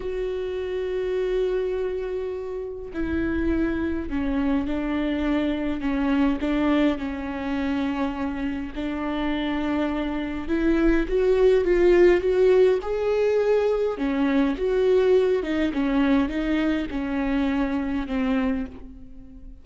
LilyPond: \new Staff \with { instrumentName = "viola" } { \time 4/4 \tempo 4 = 103 fis'1~ | fis'4 e'2 cis'4 | d'2 cis'4 d'4 | cis'2. d'4~ |
d'2 e'4 fis'4 | f'4 fis'4 gis'2 | cis'4 fis'4. dis'8 cis'4 | dis'4 cis'2 c'4 | }